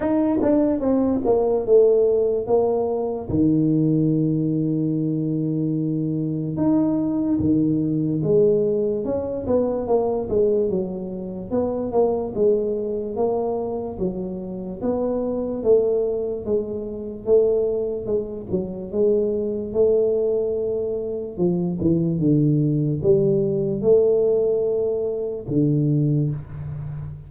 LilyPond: \new Staff \with { instrumentName = "tuba" } { \time 4/4 \tempo 4 = 73 dis'8 d'8 c'8 ais8 a4 ais4 | dis1 | dis'4 dis4 gis4 cis'8 b8 | ais8 gis8 fis4 b8 ais8 gis4 |
ais4 fis4 b4 a4 | gis4 a4 gis8 fis8 gis4 | a2 f8 e8 d4 | g4 a2 d4 | }